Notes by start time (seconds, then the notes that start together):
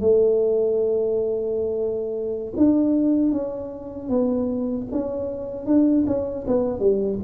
0.00 A3
2.56 D4
3.31 C#4
4.09 B3
4.91 C#4
5.66 D4
6.07 C#4
6.47 B3
6.79 G3